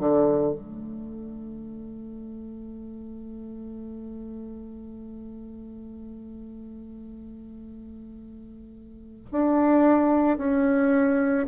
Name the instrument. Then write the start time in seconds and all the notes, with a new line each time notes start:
bassoon
0.00 D3
0.54 A3
9.32 D4
10.38 C#4